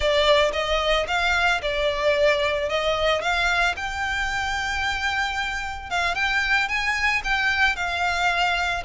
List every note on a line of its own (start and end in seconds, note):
0.00 0.51 D5
0.52 1.06 D#5
1.07 1.61 F5
1.62 2.69 D5
2.69 3.21 D#5
3.21 3.75 F5
3.76 5.90 G5
5.90 6.14 F5
6.14 6.68 G5
6.68 7.22 G#5
7.23 7.76 G5
7.76 8.83 F5